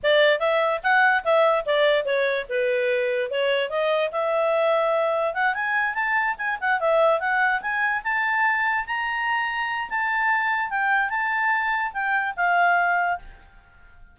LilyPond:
\new Staff \with { instrumentName = "clarinet" } { \time 4/4 \tempo 4 = 146 d''4 e''4 fis''4 e''4 | d''4 cis''4 b'2 | cis''4 dis''4 e''2~ | e''4 fis''8 gis''4 a''4 gis''8 |
fis''8 e''4 fis''4 gis''4 a''8~ | a''4. ais''2~ ais''8 | a''2 g''4 a''4~ | a''4 g''4 f''2 | }